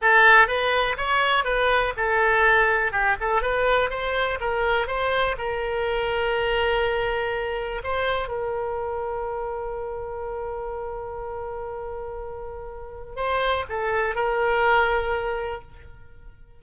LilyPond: \new Staff \with { instrumentName = "oboe" } { \time 4/4 \tempo 4 = 123 a'4 b'4 cis''4 b'4 | a'2 g'8 a'8 b'4 | c''4 ais'4 c''4 ais'4~ | ais'1 |
c''4 ais'2.~ | ais'1~ | ais'2. c''4 | a'4 ais'2. | }